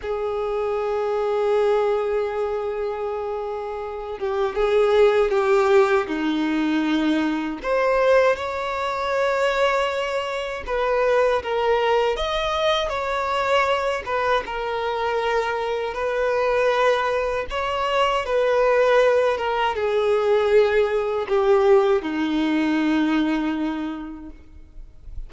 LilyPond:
\new Staff \with { instrumentName = "violin" } { \time 4/4 \tempo 4 = 79 gis'1~ | gis'4. g'8 gis'4 g'4 | dis'2 c''4 cis''4~ | cis''2 b'4 ais'4 |
dis''4 cis''4. b'8 ais'4~ | ais'4 b'2 cis''4 | b'4. ais'8 gis'2 | g'4 dis'2. | }